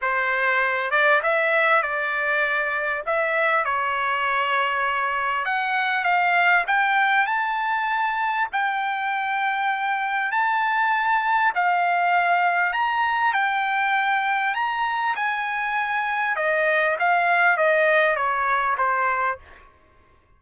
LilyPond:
\new Staff \with { instrumentName = "trumpet" } { \time 4/4 \tempo 4 = 99 c''4. d''8 e''4 d''4~ | d''4 e''4 cis''2~ | cis''4 fis''4 f''4 g''4 | a''2 g''2~ |
g''4 a''2 f''4~ | f''4 ais''4 g''2 | ais''4 gis''2 dis''4 | f''4 dis''4 cis''4 c''4 | }